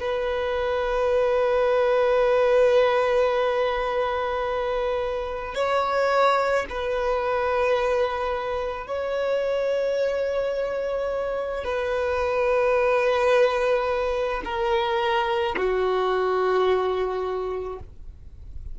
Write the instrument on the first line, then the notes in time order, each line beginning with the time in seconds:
violin
0.00 B4
5.55 C#5
6.70 B4
8.87 C#5
11.65 B4
14.45 A#4
15.57 F#4